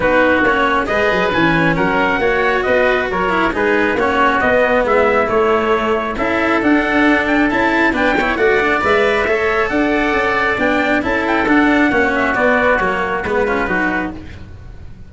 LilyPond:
<<
  \new Staff \with { instrumentName = "trumpet" } { \time 4/4 \tempo 4 = 136 b'4 cis''4 dis''4 gis''4 | fis''2 dis''4 cis''4 | b'4 cis''4 dis''4 e''4 | cis''2 e''4 fis''4~ |
fis''8 g''8 a''4 g''4 fis''4 | e''2 fis''2 | g''4 a''8 g''8 fis''4. e''8 | d''4 cis''4 b'2 | }
  \new Staff \with { instrumentName = "oboe" } { \time 4/4 fis'2 b'2 | ais'4 cis''4 b'4 ais'4 | gis'4 fis'2 e'4~ | e'2 a'2~ |
a'2 b'8 cis''8 d''4~ | d''4 cis''4 d''2~ | d''4 a'2 fis'4~ | fis'2~ fis'8 f'8 fis'4 | }
  \new Staff \with { instrumentName = "cello" } { \time 4/4 dis'4 cis'4 gis'4 cis'4~ | cis'4 fis'2~ fis'8 e'8 | dis'4 cis'4 b2 | a2 e'4 d'4~ |
d'4 e'4 d'8 e'8 fis'8 d'8 | b'4 a'2. | d'4 e'4 d'4 cis'4 | b4 ais4 b8 cis'8 dis'4 | }
  \new Staff \with { instrumentName = "tuba" } { \time 4/4 b4 ais4 gis8 fis8 e4 | fis4 ais4 b4 fis4 | gis4 ais4 b4 gis4 | a2 cis'4 d'4~ |
d'4 cis'4 b4 a4 | gis4 a4 d'4 cis'4 | b4 cis'4 d'4 ais4 | b4 fis4 gis4 fis4 | }
>>